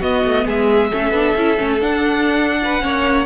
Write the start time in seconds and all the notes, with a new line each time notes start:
0.00 B3 F#4 D#5
0.25 A3
0.46 G#3 G#4 E5
0.91 A3 C#4 A4
1.11 B3 D4
1.36 C#4 E4
1.58 A3 C#4
1.81 D4 F#5
2.64 B4
2.81 A#3 C#4 C#5